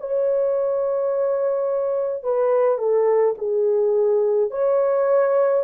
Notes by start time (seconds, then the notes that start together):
0.00 C#5
2.24 B4
2.78 A4
3.38 G#4
4.51 C#5